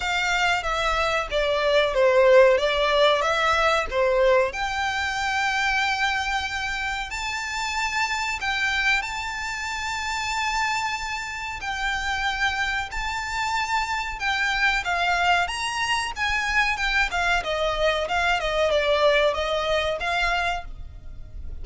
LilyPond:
\new Staff \with { instrumentName = "violin" } { \time 4/4 \tempo 4 = 93 f''4 e''4 d''4 c''4 | d''4 e''4 c''4 g''4~ | g''2. a''4~ | a''4 g''4 a''2~ |
a''2 g''2 | a''2 g''4 f''4 | ais''4 gis''4 g''8 f''8 dis''4 | f''8 dis''8 d''4 dis''4 f''4 | }